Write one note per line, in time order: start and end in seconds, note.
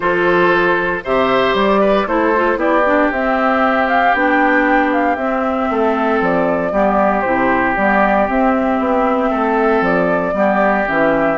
0.00 1.03 F3
0.00 1.02 F4
0.00 1.03 A4
0.00 1.02 C5
1.03 1.54 C3
1.03 2.07 G4
1.03 1.80 C5
1.03 1.56 E5
1.54 2.05 G3
1.54 2.07 D5
1.80 2.06 B4
2.06 2.56 A3
2.06 2.33 E4
2.06 2.58 A4
2.06 2.59 C5
2.35 2.55 F4
2.55 3.07 B3
2.55 2.81 E4
2.55 5.68 G4
2.55 3.11 D5
2.86 3.11 D4
3.11 4.14 C4
3.11 3.88 E5
3.88 4.14 F5
4.14 5.16 B3
4.14 5.18 D4
4.14 4.92 G5
4.92 5.15 F5
5.15 5.68 C4
5.15 6.72 C4
5.15 6.19 E5
5.70 6.21 A3
5.70 6.72 A4
6.21 6.71 F3
6.21 7.21 D5
6.71 7.23 G3
6.71 7.23 B3
6.71 9.29 G4
7.21 7.76 C3
7.21 7.76 E4
7.21 7.72 C5
7.76 8.28 G3
7.76 8.27 B3
7.76 8.28 D5
8.27 10.33 C4
8.27 8.79 C4
8.27 9.84 E5
8.79 9.30 B3
9.29 9.80 A3
9.29 10.33 A4
9.80 10.32 F3
9.80 10.87 D5
10.33 10.85 G3
10.33 10.85 B3
10.33 11.37 G4
10.85 11.37 E3
10.85 11.37 C#4
10.85 11.37 E5